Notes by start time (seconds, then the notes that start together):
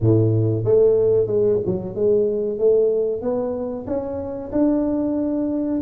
0.00 A2
0.64 A3
1.26 G#3
1.65 F#3
1.95 G#3
2.58 A3
3.21 B3
3.87 C#4
4.52 D4